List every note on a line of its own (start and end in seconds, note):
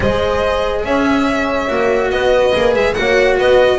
0.00 0.84 G#3
0.00 1.67 G#4
0.00 0.84 C5
0.00 0.84 D#5
0.84 1.68 C#4
0.84 2.12 C#5
0.84 2.10 E5
1.67 2.11 A#3
1.67 2.52 F#4
2.10 2.53 B3
2.10 2.96 B4
2.10 2.74 D#5
2.53 2.75 A#3
2.53 2.95 G#4
2.75 2.96 G#3
2.75 2.93 E5
2.93 3.37 A#3
2.93 3.79 F#4
2.93 3.37 C#5
2.93 3.36 F#5
3.37 3.79 B3
3.37 3.79 B4
3.37 3.79 D#5